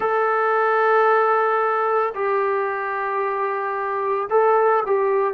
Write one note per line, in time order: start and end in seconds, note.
0.00 2.13 A4
2.14 4.28 G4
4.30 4.83 A4
4.86 5.33 G4